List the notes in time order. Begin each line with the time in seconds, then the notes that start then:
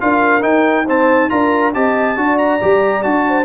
0.00 D4 F4 A#4 F5
0.41 D#4 G5
0.85 C4 C5 A5
1.29 D4 F4 A#4 A#5
1.74 C4 G4 D#5 A5
2.16 D4 F#4 D5
2.38 A#5
2.61 G3 G4
3.02 D4 F#4 A5
3.28 C5